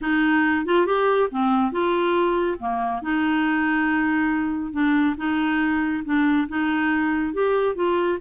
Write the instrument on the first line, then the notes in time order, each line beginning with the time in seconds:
clarinet
0.01 D#4
0.65 F4
0.86 G4
1.30 C4
1.71 F4
2.59 A#3
3.02 D#4
4.72 D4
5.17 D#4
6.05 D4
6.48 D#4
7.33 G4
7.75 F4